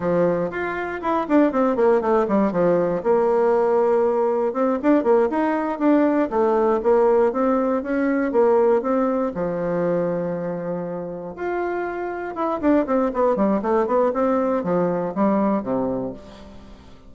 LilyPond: \new Staff \with { instrumentName = "bassoon" } { \time 4/4 \tempo 4 = 119 f4 f'4 e'8 d'8 c'8 ais8 | a8 g8 f4 ais2~ | ais4 c'8 d'8 ais8 dis'4 d'8~ | d'8 a4 ais4 c'4 cis'8~ |
cis'8 ais4 c'4 f4.~ | f2~ f8 f'4.~ | f'8 e'8 d'8 c'8 b8 g8 a8 b8 | c'4 f4 g4 c4 | }